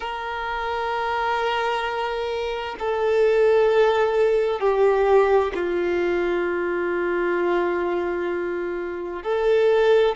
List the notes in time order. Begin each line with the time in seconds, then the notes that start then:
0.00 A#4
2.79 A4
4.59 G4
5.54 F4
9.22 A4